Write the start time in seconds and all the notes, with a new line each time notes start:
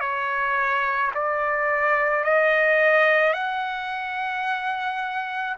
0.00 C#5
1.14 D5
2.24 D#5
3.33 F#5